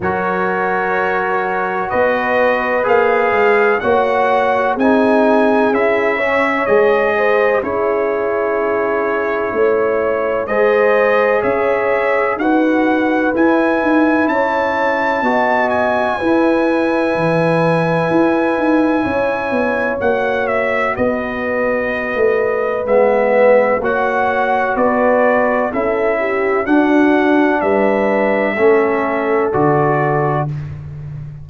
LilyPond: <<
  \new Staff \with { instrumentName = "trumpet" } { \time 4/4 \tempo 4 = 63 cis''2 dis''4 f''4 | fis''4 gis''4 e''4 dis''4 | cis''2. dis''4 | e''4 fis''4 gis''4 a''4~ |
a''8 gis''2.~ gis''8~ | gis''4 fis''8 e''8 dis''2 | e''4 fis''4 d''4 e''4 | fis''4 e''2 d''4 | }
  \new Staff \with { instrumentName = "horn" } { \time 4/4 ais'2 b'2 | cis''4 gis'4. cis''4 c''8 | gis'2 cis''4 c''4 | cis''4 b'2 cis''4 |
dis''4 b'2. | cis''2 b'2~ | b'4 cis''4 b'4 a'8 g'8 | fis'4 b'4 a'2 | }
  \new Staff \with { instrumentName = "trombone" } { \time 4/4 fis'2. gis'4 | fis'4 dis'4 e'8 cis'8 gis'4 | e'2. gis'4~ | gis'4 fis'4 e'2 |
fis'4 e'2.~ | e'4 fis'2. | b4 fis'2 e'4 | d'2 cis'4 fis'4 | }
  \new Staff \with { instrumentName = "tuba" } { \time 4/4 fis2 b4 ais8 gis8 | ais4 c'4 cis'4 gis4 | cis'2 a4 gis4 | cis'4 dis'4 e'8 dis'8 cis'4 |
b4 e'4 e4 e'8 dis'8 | cis'8 b8 ais4 b4~ b16 a8. | gis4 ais4 b4 cis'4 | d'4 g4 a4 d4 | }
>>